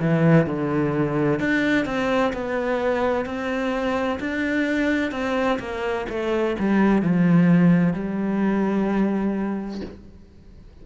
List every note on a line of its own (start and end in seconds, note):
0.00 0.46 E3
0.46 1.39 D3
1.39 1.85 D4
1.85 2.32 C4
2.33 3.25 B3
3.25 4.19 C4
4.20 5.11 D4
5.11 5.58 C4
5.59 6.06 A#3
6.09 6.56 A3
6.59 7.02 G3
7.02 7.93 F3
7.93 9.81 G3